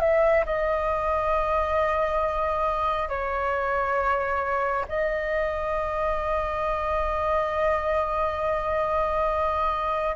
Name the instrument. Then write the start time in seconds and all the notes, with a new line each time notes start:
flute
0.00 E5
0.45 D#5
3.09 C#5
4.89 D#5